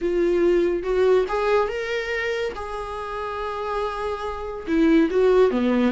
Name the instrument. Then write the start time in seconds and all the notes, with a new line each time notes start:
viola
0.01 F4
0.83 F#4
1.28 G#4
1.68 A#4
2.55 G#4
4.67 E4
5.10 F#4
5.50 B3